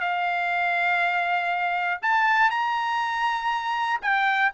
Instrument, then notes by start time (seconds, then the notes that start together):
trumpet
0.00 F5
2.02 A5
2.50 A#5
4.01 G5